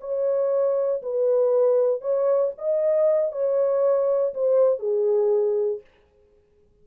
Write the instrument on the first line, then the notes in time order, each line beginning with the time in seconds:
horn
0.00 C#5
1.02 B4
2.01 C#5
2.58 D#5
3.32 C#5
4.34 C5
4.79 G#4